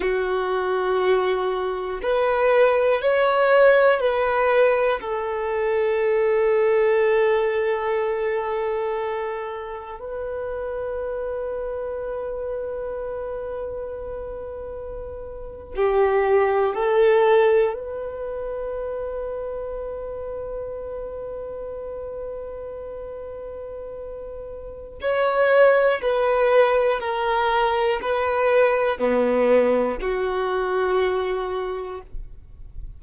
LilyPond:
\new Staff \with { instrumentName = "violin" } { \time 4/4 \tempo 4 = 60 fis'2 b'4 cis''4 | b'4 a'2.~ | a'2 b'2~ | b'2.~ b'8. g'16~ |
g'8. a'4 b'2~ b'16~ | b'1~ | b'4 cis''4 b'4 ais'4 | b'4 b4 fis'2 | }